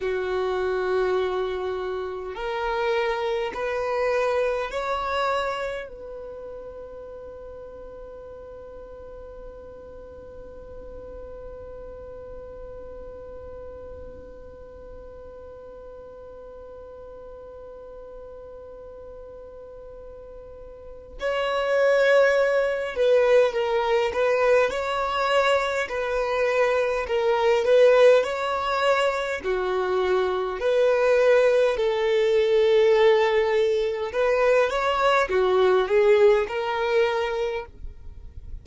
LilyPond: \new Staff \with { instrumentName = "violin" } { \time 4/4 \tempo 4 = 51 fis'2 ais'4 b'4 | cis''4 b'2.~ | b'1~ | b'1~ |
b'2 cis''4. b'8 | ais'8 b'8 cis''4 b'4 ais'8 b'8 | cis''4 fis'4 b'4 a'4~ | a'4 b'8 cis''8 fis'8 gis'8 ais'4 | }